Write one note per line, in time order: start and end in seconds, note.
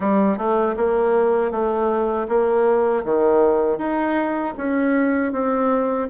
0.00 0.37 G3
0.37 0.75 A3
0.76 1.51 A#3
1.51 2.26 A3
2.28 3.04 A#3
3.04 3.78 D#3
3.78 4.54 D#4
4.57 5.32 C#4
5.32 6.08 C4